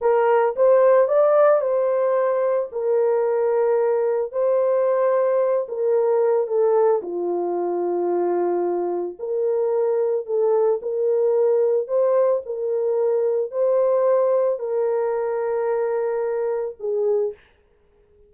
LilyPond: \new Staff \with { instrumentName = "horn" } { \time 4/4 \tempo 4 = 111 ais'4 c''4 d''4 c''4~ | c''4 ais'2. | c''2~ c''8 ais'4. | a'4 f'2.~ |
f'4 ais'2 a'4 | ais'2 c''4 ais'4~ | ais'4 c''2 ais'4~ | ais'2. gis'4 | }